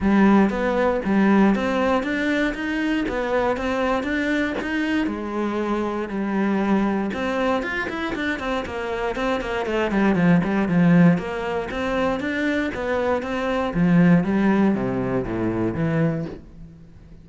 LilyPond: \new Staff \with { instrumentName = "cello" } { \time 4/4 \tempo 4 = 118 g4 b4 g4 c'4 | d'4 dis'4 b4 c'4 | d'4 dis'4 gis2 | g2 c'4 f'8 e'8 |
d'8 c'8 ais4 c'8 ais8 a8 g8 | f8 g8 f4 ais4 c'4 | d'4 b4 c'4 f4 | g4 c4 a,4 e4 | }